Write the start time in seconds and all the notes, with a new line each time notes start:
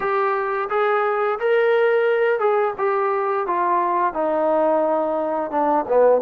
0.00 G4
0.69 G#4
1.39 A#4
2.39 G#4
2.77 G4
3.46 F4
4.13 D#4
5.50 D4
5.88 B3